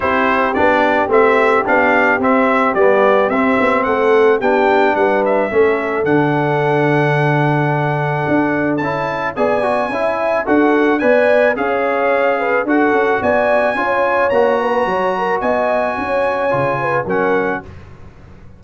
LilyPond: <<
  \new Staff \with { instrumentName = "trumpet" } { \time 4/4 \tempo 4 = 109 c''4 d''4 e''4 f''4 | e''4 d''4 e''4 fis''4 | g''4 fis''8 e''4. fis''4~ | fis''1 |
a''4 gis''2 fis''4 | gis''4 f''2 fis''4 | gis''2 ais''2 | gis''2. fis''4 | }
  \new Staff \with { instrumentName = "horn" } { \time 4/4 g'1~ | g'2. a'4 | g'4 b'4 a'2~ | a'1~ |
a'4 d''4 e''4 a'4 | d''4 cis''4. b'8 a'4 | d''4 cis''4. b'8 cis''8 ais'8 | dis''4 cis''4. b'8 ais'4 | }
  \new Staff \with { instrumentName = "trombone" } { \time 4/4 e'4 d'4 c'4 d'4 | c'4 b4 c'2 | d'2 cis'4 d'4~ | d'1 |
e'4 gis'8 fis'8 e'4 fis'4 | b'4 gis'2 fis'4~ | fis'4 f'4 fis'2~ | fis'2 f'4 cis'4 | }
  \new Staff \with { instrumentName = "tuba" } { \time 4/4 c'4 b4 a4 b4 | c'4 g4 c'8 b8 a4 | b4 g4 a4 d4~ | d2. d'4 |
cis'4 b4 cis'4 d'4 | b4 cis'2 d'8 cis'8 | b4 cis'4 ais4 fis4 | b4 cis'4 cis4 fis4 | }
>>